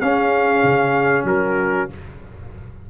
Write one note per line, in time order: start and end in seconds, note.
0.00 0.63 C#4
0.00 1.90 C#4
0.00 1.25 G#4
0.00 1.25 F5
0.63 1.24 C#3
1.24 1.86 F#3
1.24 1.89 F#4
1.24 1.89 A#4